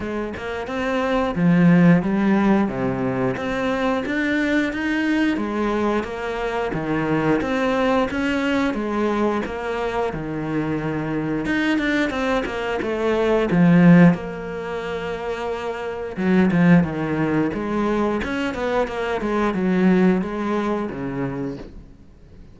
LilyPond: \new Staff \with { instrumentName = "cello" } { \time 4/4 \tempo 4 = 89 gis8 ais8 c'4 f4 g4 | c4 c'4 d'4 dis'4 | gis4 ais4 dis4 c'4 | cis'4 gis4 ais4 dis4~ |
dis4 dis'8 d'8 c'8 ais8 a4 | f4 ais2. | fis8 f8 dis4 gis4 cis'8 b8 | ais8 gis8 fis4 gis4 cis4 | }